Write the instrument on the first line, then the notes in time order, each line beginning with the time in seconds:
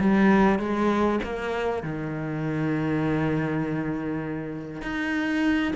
cello
0.00 G3
0.59 G#3
1.23 A#3
1.83 D#3
4.82 D#4